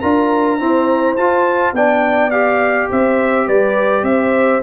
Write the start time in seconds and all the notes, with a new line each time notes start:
0.00 D4 F4 A#4 A#5
0.59 C4 E4 C5
1.16 F4 A5
1.72 B3 D4 D5 G5
2.30 G4 F5
2.90 C4 C5 E5
3.46 G3 B4 D5
4.03 C4 C5 E5